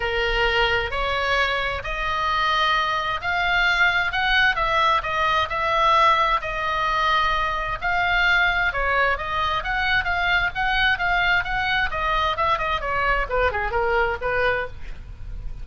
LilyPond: \new Staff \with { instrumentName = "oboe" } { \time 4/4 \tempo 4 = 131 ais'2 cis''2 | dis''2. f''4~ | f''4 fis''4 e''4 dis''4 | e''2 dis''2~ |
dis''4 f''2 cis''4 | dis''4 fis''4 f''4 fis''4 | f''4 fis''4 dis''4 e''8 dis''8 | cis''4 b'8 gis'8 ais'4 b'4 | }